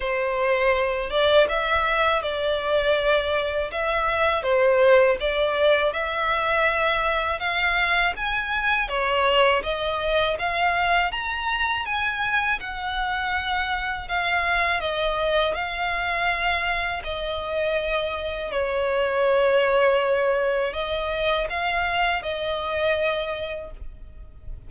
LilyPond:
\new Staff \with { instrumentName = "violin" } { \time 4/4 \tempo 4 = 81 c''4. d''8 e''4 d''4~ | d''4 e''4 c''4 d''4 | e''2 f''4 gis''4 | cis''4 dis''4 f''4 ais''4 |
gis''4 fis''2 f''4 | dis''4 f''2 dis''4~ | dis''4 cis''2. | dis''4 f''4 dis''2 | }